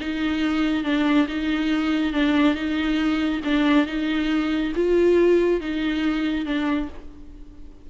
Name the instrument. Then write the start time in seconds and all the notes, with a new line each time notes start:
viola
0.00 D#4
0.84 D4
1.28 D#4
2.13 D4
2.54 D#4
3.44 D4
3.86 D#4
4.75 F4
5.60 D#4
6.45 D4